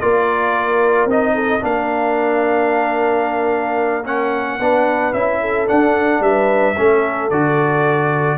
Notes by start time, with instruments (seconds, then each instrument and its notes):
0.00 tuba A#3, trombone F4, horn A#4, trumpet D5
1.06 tuba C4, trombone D#4, trumpet D#5
1.34 horn A4
1.60 tuba A#3, trombone D4, horn A#4, trumpet F5
4.05 trombone C#4, trumpet F#5
4.59 tuba B3, trombone D4, horn B4
5.13 tuba C#4, trombone E4, trumpet E5
5.40 horn A4
5.67 trombone D4, tuba D4, trumpet F#5
6.20 tuba G3, horn B4, trumpet E5
6.74 tuba A3, trombone C#4, horn A4
7.30 tuba D3, trombone F#4, trumpet D5